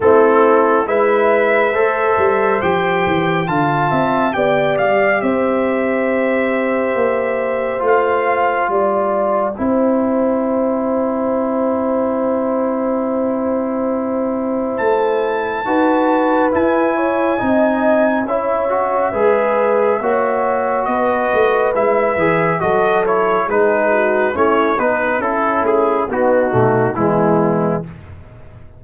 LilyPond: <<
  \new Staff \with { instrumentName = "trumpet" } { \time 4/4 \tempo 4 = 69 a'4 e''2 g''4 | a''4 g''8 f''8 e''2~ | e''4 f''4 g''2~ | g''1~ |
g''4 a''2 gis''4~ | gis''4 e''2. | dis''4 e''4 dis''8 cis''8 b'4 | cis''8 b'8 a'8 gis'8 fis'4 e'4 | }
  \new Staff \with { instrumentName = "horn" } { \time 4/4 e'4 b'4 c''2 | f''8 e''8 d''4 c''2~ | c''2 d''4 c''4~ | c''1~ |
c''2 b'4. cis''8 | dis''4 cis''4 b'4 cis''4 | b'2 a'4 gis'8 fis'8 | e'8 dis'8 cis'4 dis'4 b4 | }
  \new Staff \with { instrumentName = "trombone" } { \time 4/4 c'4 e'4 a'4 g'4 | f'4 g'2.~ | g'4 f'2 e'4~ | e'1~ |
e'2 fis'4 e'4 | dis'4 e'8 fis'8 gis'4 fis'4~ | fis'4 e'8 gis'8 fis'8 e'8 dis'4 | cis'8 dis'8 e'4 b8 a8 gis4 | }
  \new Staff \with { instrumentName = "tuba" } { \time 4/4 a4 gis4 a8 g8 f8 e8 | d8 c'8 b8 g8 c'2 | ais4 a4 g4 c'4~ | c'1~ |
c'4 a4 dis'4 e'4 | c'4 cis'4 gis4 ais4 | b8 a8 gis8 e8 fis4 gis4 | a8 b8 cis'8 a8 b8 b,8 e4 | }
>>